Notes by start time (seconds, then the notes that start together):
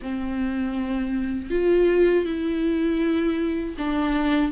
0.02 C4
1.50 F4
2.25 E4
3.78 D4